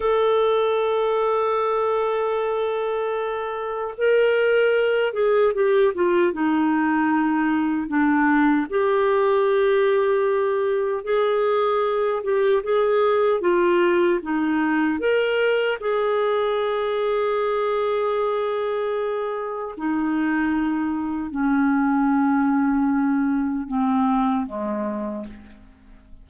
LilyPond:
\new Staff \with { instrumentName = "clarinet" } { \time 4/4 \tempo 4 = 76 a'1~ | a'4 ais'4. gis'8 g'8 f'8 | dis'2 d'4 g'4~ | g'2 gis'4. g'8 |
gis'4 f'4 dis'4 ais'4 | gis'1~ | gis'4 dis'2 cis'4~ | cis'2 c'4 gis4 | }